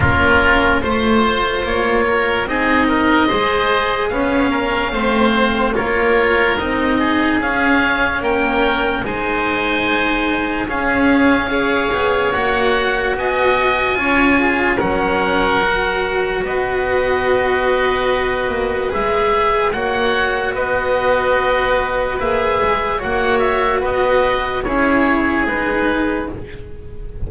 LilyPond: <<
  \new Staff \with { instrumentName = "oboe" } { \time 4/4 \tempo 4 = 73 ais'4 c''4 cis''4 dis''4~ | dis''4 f''2 cis''4 | dis''4 f''4 g''4 gis''4~ | gis''4 f''2 fis''4 |
gis''2 fis''2 | dis''2. e''4 | fis''4 dis''2 e''4 | fis''8 e''8 dis''4 cis''4 b'4 | }
  \new Staff \with { instrumentName = "oboe" } { \time 4/4 f'4 c''4. ais'8 gis'8 ais'8 | c''4 b8 ais'8 c''4 ais'4~ | ais'8 gis'4. ais'4 c''4~ | c''4 gis'4 cis''2 |
dis''4 cis''8 gis'8 ais'2 | b'1 | cis''4 b'2. | cis''4 b'4 gis'2 | }
  \new Staff \with { instrumentName = "cello" } { \time 4/4 cis'4 f'2 dis'4 | gis'4 cis'4 c'4 f'4 | dis'4 cis'2 dis'4~ | dis'4 cis'4 gis'4 fis'4~ |
fis'4 f'4 cis'4 fis'4~ | fis'2. gis'4 | fis'2. gis'4 | fis'2 e'4 dis'4 | }
  \new Staff \with { instrumentName = "double bass" } { \time 4/4 ais4 a4 ais4 c'4 | gis4 cis'4 a4 ais4 | c'4 cis'4 ais4 gis4~ | gis4 cis'4. b8 ais4 |
b4 cis'4 fis2 | b2~ b8 ais8 gis4 | ais4 b2 ais8 gis8 | ais4 b4 cis'4 gis4 | }
>>